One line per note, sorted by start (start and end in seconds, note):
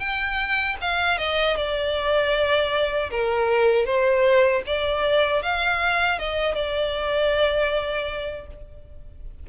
0.00 0.77 G5
0.81 1.18 F5
1.18 1.57 D#5
1.57 3.10 D5
3.11 3.86 A#4
3.86 4.63 C5
4.66 5.43 D5
5.43 6.19 F5
6.19 6.55 D#5
6.55 8.47 D5